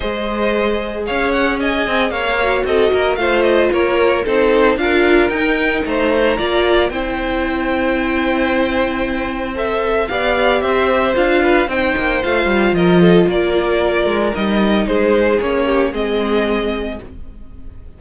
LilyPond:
<<
  \new Staff \with { instrumentName = "violin" } { \time 4/4 \tempo 4 = 113 dis''2 f''8 fis''8 gis''4 | f''4 dis''4 f''8 dis''8 cis''4 | c''4 f''4 g''4 ais''4~ | ais''4 g''2.~ |
g''2 e''4 f''4 | e''4 f''4 g''4 f''4 | dis''4 d''2 dis''4 | c''4 cis''4 dis''2 | }
  \new Staff \with { instrumentName = "violin" } { \time 4/4 c''2 cis''4 dis''4 | cis''4 a'8 ais'8 c''4 ais'4 | a'4 ais'2 c''4 | d''4 c''2.~ |
c''2. d''4 | c''4. b'8 c''2 | ais'8 a'8 ais'2. | gis'4. g'8 gis'2 | }
  \new Staff \with { instrumentName = "viola" } { \time 4/4 gis'1~ | gis'8 fis'4. f'2 | dis'4 f'4 dis'2 | f'4 e'2.~ |
e'2 a'4 g'4~ | g'4 f'4 dis'4 f'4~ | f'2. dis'4~ | dis'4 cis'4 c'2 | }
  \new Staff \with { instrumentName = "cello" } { \time 4/4 gis2 cis'4. c'8 | ais4 c'8 ais8 a4 ais4 | c'4 d'4 dis'4 a4 | ais4 c'2.~ |
c'2. b4 | c'4 d'4 c'8 ais8 a8 g8 | f4 ais4. gis8 g4 | gis4 ais4 gis2 | }
>>